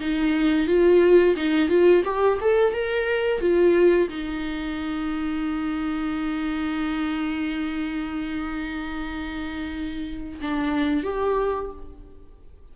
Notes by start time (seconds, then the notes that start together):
0.00 D#4
0.67 F4
1.36 D#4
1.69 F4
2.05 G4
2.41 A4
2.73 A#4
3.40 F4
4.09 D#4
10.41 D4
11.03 G4